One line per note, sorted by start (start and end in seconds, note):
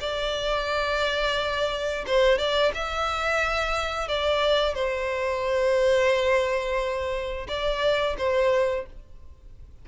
0.00 2.05 D5
2.06 2.38 C5
2.38 2.72 D5
2.74 4.08 E5
4.08 4.74 D5
4.74 7.47 C5
7.48 8.16 D5
8.17 8.85 C5